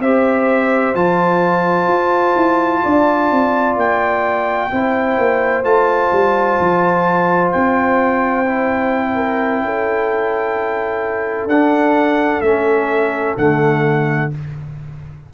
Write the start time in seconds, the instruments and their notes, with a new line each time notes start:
0.00 tuba C4, trombone G4, horn C5, trumpet E5
0.95 tuba F3, trombone F4, trumpet A5
1.88 tuba F4
2.36 tuba E4
2.83 tuba D4, horn D5
3.32 tuba C4
3.76 tuba A#3, trumpet G5
4.71 tuba C4, trombone E4, horn C5
5.18 tuba A#3
5.64 tuba A3, trombone F4, trumpet A5
6.12 tuba G3
6.59 tuba F3
7.51 tuba C4, trumpet G5
8.45 trombone E4
9.15 horn A#4
9.62 tuba C#4, horn A4
11.46 tuba D4, trombone D4, trumpet F#5
12.41 tuba A3, trombone C#4, trumpet E5
13.37 tuba D3, trombone A3, trumpet F#5